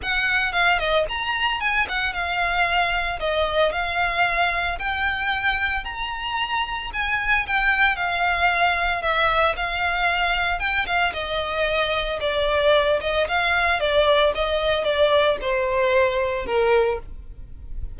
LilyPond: \new Staff \with { instrumentName = "violin" } { \time 4/4 \tempo 4 = 113 fis''4 f''8 dis''8 ais''4 gis''8 fis''8 | f''2 dis''4 f''4~ | f''4 g''2 ais''4~ | ais''4 gis''4 g''4 f''4~ |
f''4 e''4 f''2 | g''8 f''8 dis''2 d''4~ | d''8 dis''8 f''4 d''4 dis''4 | d''4 c''2 ais'4 | }